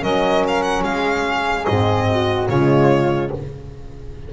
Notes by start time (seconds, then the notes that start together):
0.00 F#3 C#4 A#4 D#5
0.48 F5
0.62 F#5
0.83 G#3 G#4 F5
1.65 G#2 C4 D#5
2.09 F#4
2.49 C#3 G#3 F4 C#5